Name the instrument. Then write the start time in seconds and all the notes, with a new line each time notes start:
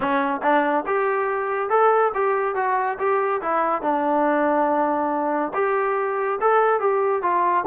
trombone
0.00 C#4
0.42 D4
0.86 G4
1.69 A4
2.14 G4
2.55 F#4
2.98 G4
3.41 E4
3.82 D4
5.54 G4
6.40 A4
6.80 G4
7.22 F4